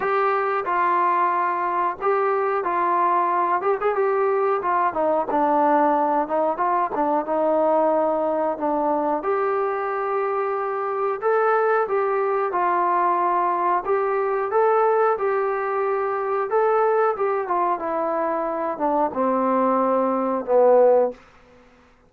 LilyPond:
\new Staff \with { instrumentName = "trombone" } { \time 4/4 \tempo 4 = 91 g'4 f'2 g'4 | f'4. g'16 gis'16 g'4 f'8 dis'8 | d'4. dis'8 f'8 d'8 dis'4~ | dis'4 d'4 g'2~ |
g'4 a'4 g'4 f'4~ | f'4 g'4 a'4 g'4~ | g'4 a'4 g'8 f'8 e'4~ | e'8 d'8 c'2 b4 | }